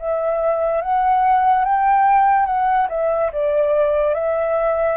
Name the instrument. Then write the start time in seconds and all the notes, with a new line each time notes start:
flute
0.00 E5
0.82 F#5
1.65 G5
2.46 F#5
2.90 E5
3.33 D5
4.15 E5